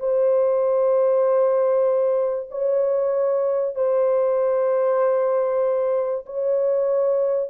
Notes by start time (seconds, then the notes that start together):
0.00 C5
2.51 C#5
3.76 C5
6.26 C#5